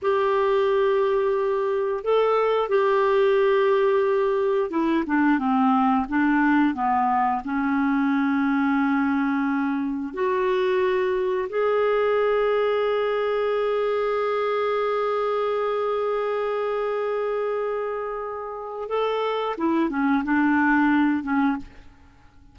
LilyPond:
\new Staff \with { instrumentName = "clarinet" } { \time 4/4 \tempo 4 = 89 g'2. a'4 | g'2. e'8 d'8 | c'4 d'4 b4 cis'4~ | cis'2. fis'4~ |
fis'4 gis'2.~ | gis'1~ | gis'1 | a'4 e'8 cis'8 d'4. cis'8 | }